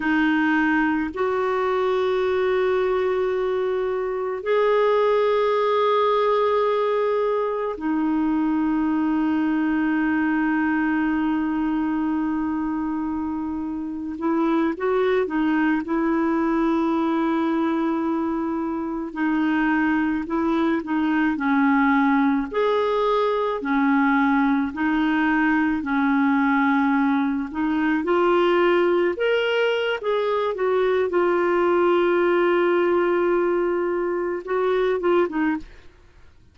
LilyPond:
\new Staff \with { instrumentName = "clarinet" } { \time 4/4 \tempo 4 = 54 dis'4 fis'2. | gis'2. dis'4~ | dis'1~ | dis'8. e'8 fis'8 dis'8 e'4.~ e'16~ |
e'4~ e'16 dis'4 e'8 dis'8 cis'8.~ | cis'16 gis'4 cis'4 dis'4 cis'8.~ | cis'8. dis'8 f'4 ais'8. gis'8 fis'8 | f'2. fis'8 f'16 dis'16 | }